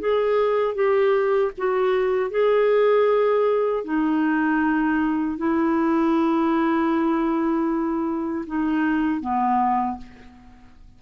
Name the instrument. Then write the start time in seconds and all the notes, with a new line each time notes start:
clarinet
0.00 G#4
0.75 G4
1.58 F#4
2.31 G#4
3.85 D#4
5.37 E4
8.47 D#4
9.21 B3